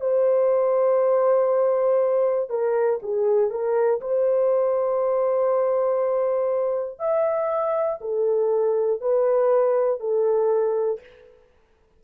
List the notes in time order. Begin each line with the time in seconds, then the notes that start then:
0.00 C5
2.49 A#4
3.02 G#4
3.50 A#4
4.00 C5
6.99 E5
8.00 A4
9.00 B4
10.00 A4